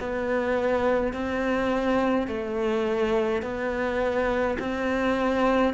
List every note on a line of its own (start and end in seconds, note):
0.00 1.13 B3
1.13 2.28 C4
2.28 3.42 A3
3.42 4.58 B3
4.59 5.74 C4